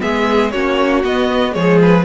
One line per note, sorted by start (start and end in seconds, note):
0.00 0.54 G#3
0.00 0.52 B3
0.00 0.54 G#4
0.00 0.51 E5
0.51 1.05 A#3
0.51 1.04 C#4
0.51 1.55 F#4
0.51 1.03 C#5
1.04 1.52 B3
1.04 1.56 B3
1.04 1.54 D#5
1.52 2.06 F3
1.52 2.04 G#3
1.52 2.06 G#4
1.52 1.80 C#5
1.82 2.06 B4